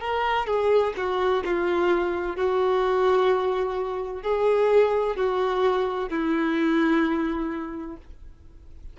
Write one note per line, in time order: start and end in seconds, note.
0.00 0.46 A#4
0.46 0.93 G#4
0.97 1.44 F#4
1.44 2.36 F4
2.36 4.23 F#4
4.23 5.16 G#4
5.16 6.09 F#4
6.09 7.97 E4